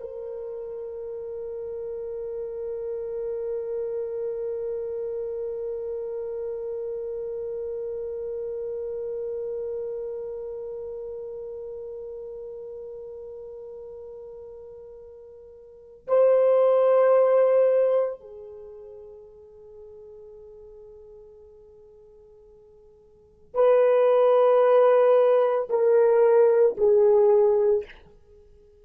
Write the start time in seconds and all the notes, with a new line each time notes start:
0.00 A#4
16.07 C5
18.20 G#4
23.54 B4
25.69 A#4
26.77 G#4